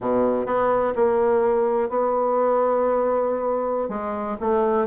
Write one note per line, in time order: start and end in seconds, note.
0.01 0.46 B2
0.46 0.93 B3
0.95 1.89 A#3
1.89 3.89 B3
3.89 4.36 G#3
4.40 4.87 A3